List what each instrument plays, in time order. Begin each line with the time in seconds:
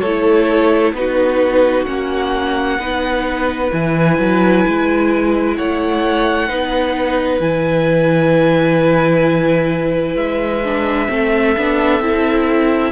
0.00 cello A3, violin A4 C#5
0.06 viola E4
0.92 cello B3, viola D#4, violin B4
0.98 violin F#4
1.85 cello A#3, viola C#4, violin F#5
2.79 cello B3, viola D#4, violin B4
3.72 cello E3, viola E4, violin G#5
4.18 cello F#3
4.67 cello G#3
5.57 cello A3, violin C#5 F#5
6.48 cello B3, viola D#4, violin B4
7.40 cello E3, viola E4, violin G#5
10.16 cello G#3, violin E5
10.64 viola D4
11.08 cello A3, viola C4, violin A4
11.57 cello B3, viola D4
12.00 cello C4, viola E4